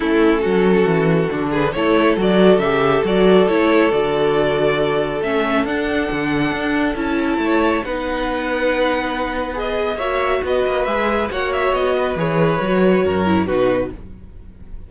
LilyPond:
<<
  \new Staff \with { instrumentName = "violin" } { \time 4/4 \tempo 4 = 138 a'2.~ a'8 b'8 | cis''4 d''4 e''4 d''4 | cis''4 d''2. | e''4 fis''2. |
a''2 fis''2~ | fis''2 dis''4 e''4 | dis''4 e''4 fis''8 e''8 dis''4 | cis''2. b'4 | }
  \new Staff \with { instrumentName = "violin" } { \time 4/4 e'4 fis'2~ fis'8 gis'8 | a'1~ | a'1~ | a'1~ |
a'4 cis''4 b'2~ | b'2. cis''4 | b'2 cis''4. b'8~ | b'2 ais'4 fis'4 | }
  \new Staff \with { instrumentName = "viola" } { \time 4/4 cis'2. d'4 | e'4 fis'4 g'4 fis'4 | e'4 fis'2. | cis'4 d'2. |
e'2 dis'2~ | dis'2 gis'4 fis'4~ | fis'4 gis'4 fis'2 | gis'4 fis'4. e'8 dis'4 | }
  \new Staff \with { instrumentName = "cello" } { \time 4/4 a4 fis4 e4 d4 | a4 fis4 cis4 fis4 | a4 d2. | a4 d'4 d4 d'4 |
cis'4 a4 b2~ | b2. ais4 | b8 ais8 gis4 ais4 b4 | e4 fis4 fis,4 b,4 | }
>>